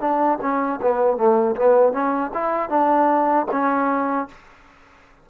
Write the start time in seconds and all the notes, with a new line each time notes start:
0.00 D4
0.42 C#4
0.82 B3
1.17 A3
1.56 B3
1.92 C#4
2.34 E4
2.69 D4
3.51 C#4